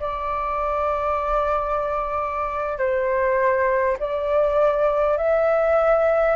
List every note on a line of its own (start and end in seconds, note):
0.00 2.78 D5
2.78 3.97 C5
4.00 5.17 D5
5.17 6.36 E5